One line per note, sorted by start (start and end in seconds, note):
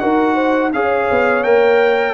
0.00 0.74 D#4
0.00 0.72 F#4
0.00 0.35 A#4
0.00 0.71 F#5
0.35 0.71 C5
0.74 1.09 C#4
0.74 1.45 G#4
0.74 2.15 C#5
0.74 1.44 F5
1.11 1.45 B3
1.44 2.15 A#3
1.44 2.15 A#4
1.44 2.15 G5